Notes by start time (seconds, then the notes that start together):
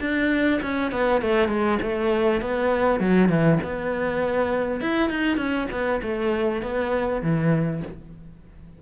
0.00 D4
0.62 C#4
0.91 B3
1.21 A3
1.48 G#3
1.82 A3
2.41 B3
2.99 F#3
3.28 E3
3.63 B3
4.80 E4
5.09 D#4
5.37 C#4
5.71 B3
6.02 A3
6.62 B3
7.22 E3